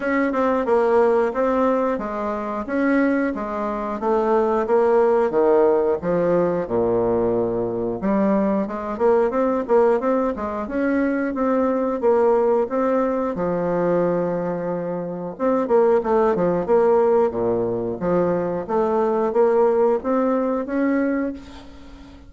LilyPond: \new Staff \with { instrumentName = "bassoon" } { \time 4/4 \tempo 4 = 90 cis'8 c'8 ais4 c'4 gis4 | cis'4 gis4 a4 ais4 | dis4 f4 ais,2 | g4 gis8 ais8 c'8 ais8 c'8 gis8 |
cis'4 c'4 ais4 c'4 | f2. c'8 ais8 | a8 f8 ais4 ais,4 f4 | a4 ais4 c'4 cis'4 | }